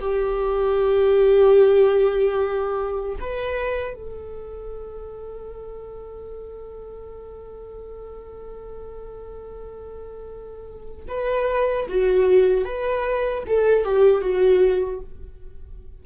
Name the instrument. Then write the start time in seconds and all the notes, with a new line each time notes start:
viola
0.00 G4
3.21 B4
3.94 A4
11.08 B4
11.89 F#4
12.65 B4
13.47 A4
13.84 G4
14.21 F#4